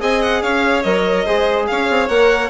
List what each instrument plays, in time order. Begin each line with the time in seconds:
0.00 bassoon C4, trombone G#4, violin D#5 G#5
0.22 violin F#5
0.42 bassoon C#4, violin C#5 F5
0.82 bassoon F#3, trombone A#4, violin D#5
1.25 bassoon G#3, trombone G#4, violin C5
1.67 bassoon C#4, violin C#5 F5
1.90 bassoon C4
2.08 bassoon A#3, trombone A#4, violin F#5